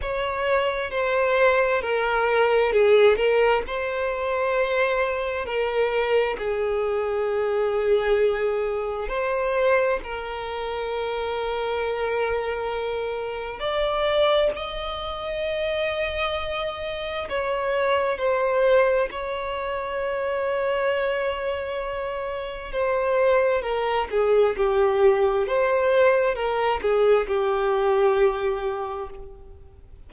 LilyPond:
\new Staff \with { instrumentName = "violin" } { \time 4/4 \tempo 4 = 66 cis''4 c''4 ais'4 gis'8 ais'8 | c''2 ais'4 gis'4~ | gis'2 c''4 ais'4~ | ais'2. d''4 |
dis''2. cis''4 | c''4 cis''2.~ | cis''4 c''4 ais'8 gis'8 g'4 | c''4 ais'8 gis'8 g'2 | }